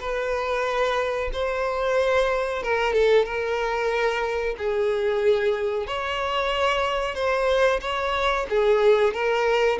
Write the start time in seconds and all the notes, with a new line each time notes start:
0.00 B4
1.33 C5
2.63 A#4
2.93 A4
3.25 A#4
4.58 G#4
5.87 C#5
7.15 C5
7.81 C#5
8.50 G#4
9.13 A#4